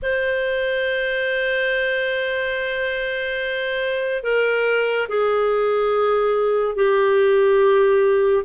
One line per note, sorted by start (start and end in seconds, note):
0.02 4.23 C5
4.23 5.07 A#4
5.08 6.75 G#4
6.75 8.44 G4